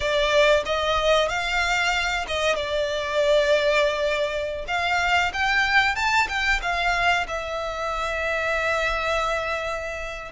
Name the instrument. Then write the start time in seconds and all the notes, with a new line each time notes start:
violin
0.00 D5
0.65 D#5
1.28 F5
2.27 D#5
2.55 D5
4.67 F5
5.33 G5
5.95 A5
6.28 G5
6.62 F5
7.27 E5